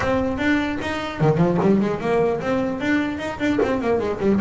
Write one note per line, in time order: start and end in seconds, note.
0.00 0.37 C4
0.37 0.77 D4
0.81 1.20 D#4
1.20 1.37 D#3
1.37 1.57 F3
1.61 1.80 G3
1.80 2.00 G#3
2.00 2.40 A#3
2.40 2.80 C4
2.80 3.18 D4
3.18 3.38 D#4
3.39 3.59 D4
3.62 3.81 C4
3.81 3.99 A#3
3.99 4.19 G#3
4.19 4.39 G3